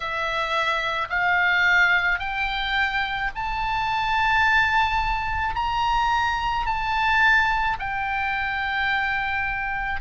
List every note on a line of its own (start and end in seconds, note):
0.00 1.08 E5
1.09 2.19 F5
2.19 3.30 G5
3.35 5.55 A5
5.55 6.66 A#5
6.66 7.77 A5
7.79 10.01 G5